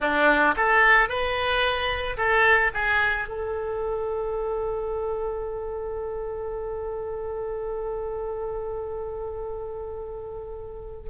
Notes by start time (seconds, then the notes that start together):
0.00 D4
0.56 A4
1.08 B4
2.17 A4
2.73 G#4
3.28 A4